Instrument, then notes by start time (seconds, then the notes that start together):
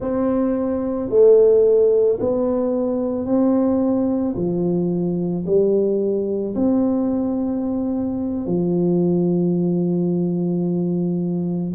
tuba
0.00 C4
1.09 A3
2.20 B3
3.25 C4
4.36 F3
5.45 G3
6.55 C4
8.46 F3